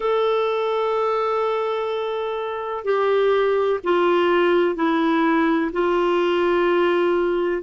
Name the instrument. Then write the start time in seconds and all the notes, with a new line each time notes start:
clarinet
0.00 A4
2.84 G4
3.83 F4
4.75 E4
5.72 F4